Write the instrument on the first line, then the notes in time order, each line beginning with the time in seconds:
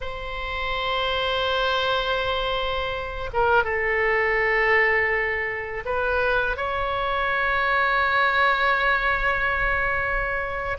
oboe
0.00 C5
3.33 A#4
3.64 A4
5.85 B4
6.57 C#5